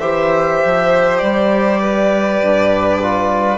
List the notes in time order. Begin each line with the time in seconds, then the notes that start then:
0.00 E3 G4 C5 E5
0.66 F3
1.18 G3 D5
1.81 B4
2.42 G2
3.02 F4